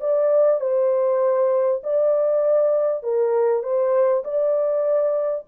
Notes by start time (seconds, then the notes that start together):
0.00 D5
0.60 C5
1.83 D5
3.03 A#4
3.63 C5
4.24 D5